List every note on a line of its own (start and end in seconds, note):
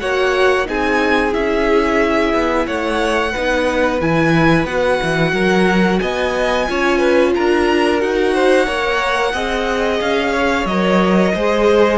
0.00 0.69 A#3
0.00 0.65 F#4
0.00 0.67 C#5
0.00 0.67 F#5
0.65 1.35 C4
0.65 1.31 D#4
0.65 2.66 G#4
0.65 1.34 G#5
1.31 2.33 C#4
1.31 3.31 E4
1.31 2.67 E5
2.33 2.67 B3
2.66 3.34 A3
2.66 3.32 C#5
2.66 4.01 F#5
3.32 4.01 B3
3.32 4.01 D#4
3.32 5.32 B4
4.01 4.65 E3
4.01 4.67 E4
4.01 4.66 G#5
4.65 4.99 B3
4.65 6.67 F#4
4.65 5.99 F#5
5.03 5.33 E3
5.33 5.99 F#3
5.33 6.00 A#4
6.00 6.68 B3
6.00 6.68 D#5
6.00 7.33 G#5
6.67 7.36 C#4
6.67 8.00 F4
6.67 6.98 C#5
6.98 7.32 B4
7.35 8.02 D4
7.35 8.34 A#4
7.35 8.01 A#5
8.00 8.68 D#4
8.00 8.66 F#4
8.00 10.01 F#5
8.34 8.66 C5
8.66 9.33 A#3
8.66 9.33 A#4
8.66 9.32 C#5
9.33 10.00 C4
9.33 10.67 G#4
9.33 10.33 D#5
10.01 10.65 C#4
10.01 10.66 F5
10.33 11.33 C#5
10.65 11.32 F#3
10.65 11.36 A#4
10.65 11.98 D#5
11.34 11.98 G#3
11.34 11.98 G#4
11.34 11.98 C5